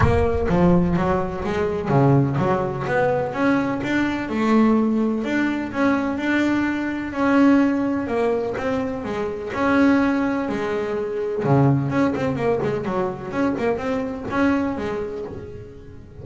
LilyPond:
\new Staff \with { instrumentName = "double bass" } { \time 4/4 \tempo 4 = 126 ais4 f4 fis4 gis4 | cis4 fis4 b4 cis'4 | d'4 a2 d'4 | cis'4 d'2 cis'4~ |
cis'4 ais4 c'4 gis4 | cis'2 gis2 | cis4 cis'8 c'8 ais8 gis8 fis4 | cis'8 ais8 c'4 cis'4 gis4 | }